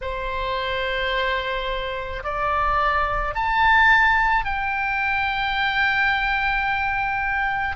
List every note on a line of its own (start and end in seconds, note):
0.01 2.23 C5
2.23 3.34 D5
3.34 4.44 A5
4.44 7.76 G5